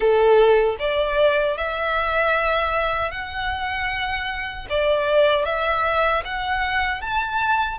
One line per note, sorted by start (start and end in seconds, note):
0.00 0.76 A4
0.79 1.57 D5
1.57 3.11 E5
3.11 4.66 F#5
4.69 5.45 D5
5.45 6.23 E5
6.24 7.01 F#5
7.01 7.78 A5